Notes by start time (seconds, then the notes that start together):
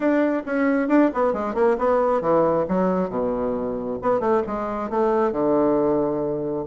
0.00 D4
0.45 C#4
0.88 D4
1.13 B3
1.33 G#3
1.54 A#3
1.78 B3
2.21 E3
2.68 F#3
3.09 B2
4.02 B3
4.19 A3
4.46 G#3
4.90 A3
5.32 D3